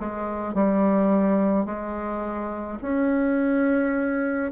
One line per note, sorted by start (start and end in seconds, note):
0.00 0.55 G#3
0.55 1.66 G3
1.66 2.79 G#3
2.83 4.52 C#4